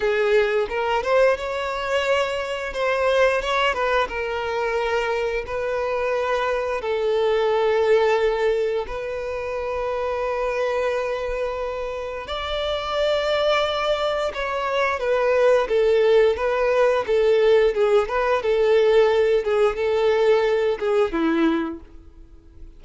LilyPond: \new Staff \with { instrumentName = "violin" } { \time 4/4 \tempo 4 = 88 gis'4 ais'8 c''8 cis''2 | c''4 cis''8 b'8 ais'2 | b'2 a'2~ | a'4 b'2.~ |
b'2 d''2~ | d''4 cis''4 b'4 a'4 | b'4 a'4 gis'8 b'8 a'4~ | a'8 gis'8 a'4. gis'8 e'4 | }